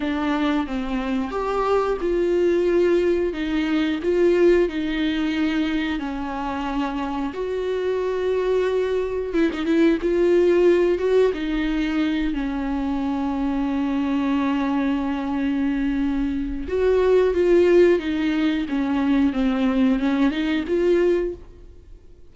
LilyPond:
\new Staff \with { instrumentName = "viola" } { \time 4/4 \tempo 4 = 90 d'4 c'4 g'4 f'4~ | f'4 dis'4 f'4 dis'4~ | dis'4 cis'2 fis'4~ | fis'2 e'16 dis'16 e'8 f'4~ |
f'8 fis'8 dis'4. cis'4.~ | cis'1~ | cis'4 fis'4 f'4 dis'4 | cis'4 c'4 cis'8 dis'8 f'4 | }